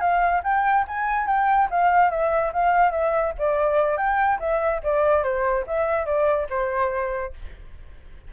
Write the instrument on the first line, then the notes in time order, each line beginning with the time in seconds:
flute
0.00 F5
0.43 G5
0.87 G#5
1.27 G5
1.70 F5
2.10 E5
2.53 F5
2.91 E5
3.38 D5
3.97 G5
4.39 E5
4.83 D5
5.23 C5
5.66 E5
6.05 D5
6.49 C5